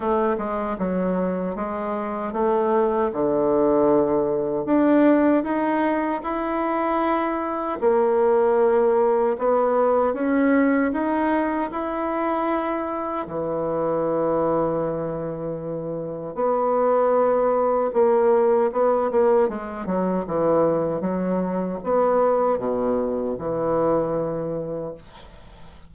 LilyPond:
\new Staff \with { instrumentName = "bassoon" } { \time 4/4 \tempo 4 = 77 a8 gis8 fis4 gis4 a4 | d2 d'4 dis'4 | e'2 ais2 | b4 cis'4 dis'4 e'4~ |
e'4 e2.~ | e4 b2 ais4 | b8 ais8 gis8 fis8 e4 fis4 | b4 b,4 e2 | }